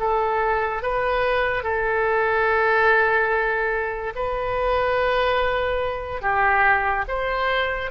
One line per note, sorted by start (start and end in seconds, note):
0.00 0.83 A4
0.83 1.63 B4
1.63 4.13 A4
4.16 6.22 B4
6.22 7.05 G4
7.08 7.91 C5